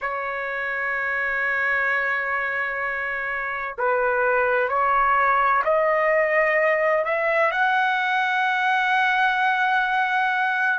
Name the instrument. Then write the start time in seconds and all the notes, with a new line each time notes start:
trumpet
0.01 C#5
3.78 B4
4.69 C#5
5.64 D#5
7.04 E5
7.51 F#5